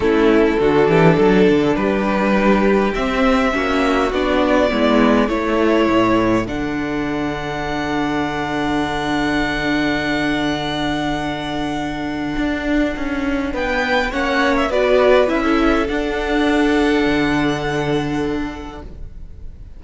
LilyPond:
<<
  \new Staff \with { instrumentName = "violin" } { \time 4/4 \tempo 4 = 102 a'2. b'4~ | b'4 e''2 d''4~ | d''4 cis''2 fis''4~ | fis''1~ |
fis''1~ | fis''2. g''4 | fis''8. e''16 d''4 e''4 fis''4~ | fis''1 | }
  \new Staff \with { instrumentName = "violin" } { \time 4/4 e'4 fis'8 g'8 a'4 g'4~ | g'2 fis'2 | e'4 a'2.~ | a'1~ |
a'1~ | a'2. b'4 | cis''4 b'4~ b'16 a'4.~ a'16~ | a'1 | }
  \new Staff \with { instrumentName = "viola" } { \time 4/4 cis'4 d'2.~ | d'4 c'4 cis'4 d'4 | b4 e'2 d'4~ | d'1~ |
d'1~ | d'1 | cis'4 fis'4 e'4 d'4~ | d'1 | }
  \new Staff \with { instrumentName = "cello" } { \time 4/4 a4 d8 e8 fis8 d8 g4~ | g4 c'4 ais4 b4 | gis4 a4 a,4 d4~ | d1~ |
d1~ | d4 d'4 cis'4 b4 | ais4 b4 cis'4 d'4~ | d'4 d2. | }
>>